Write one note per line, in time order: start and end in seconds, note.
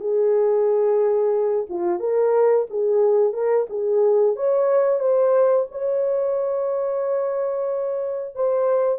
0.00 1.67 G#4
1.69 2.00 F4
2.00 2.66 A#4
2.70 3.33 G#4
3.33 3.67 A#4
3.70 4.36 G#4
4.36 5.00 C#5
5.00 5.66 C5
5.71 8.35 C#5
8.35 8.99 C5